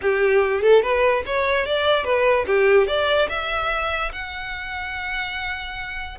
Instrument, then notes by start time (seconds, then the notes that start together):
violin
0.01 G4
0.62 A4
0.82 B4
1.26 C#5
1.66 D5
2.04 B4
2.46 G4
2.87 D5
3.29 E5
4.12 F#5